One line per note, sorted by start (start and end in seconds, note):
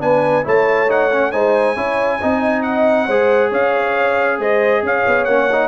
0.00 0.45 B3
0.00 0.44 D4
0.00 0.46 B4
0.00 0.45 G#5
0.44 1.34 A3
0.44 0.88 E4
0.44 1.32 C#5
0.44 0.91 A5
0.89 1.10 D#4
0.89 1.32 F#5
1.12 1.32 C#4
1.32 1.76 G#3
1.32 1.76 D#4
1.32 1.76 C5
1.32 2.63 G#5
1.76 2.20 C#4
1.76 2.20 E4
1.76 2.20 C#5
2.21 3.08 C4
2.21 3.10 D#4
2.21 3.07 D#5
2.63 3.50 F#5
3.07 3.52 G#3
3.07 5.29 G#4
3.07 3.51 C5
3.51 4.39 C#4
3.51 4.38 C#5
3.51 4.41 F5
4.39 4.83 G#3
4.39 4.84 C5
4.39 4.85 D#5
4.83 5.05 C#4
4.83 5.68 C#5
4.83 5.25 F5
5.06 5.26 B3
5.25 5.68 A#3
5.25 5.51 C#4
5.25 5.68 F#5
5.52 5.68 D#4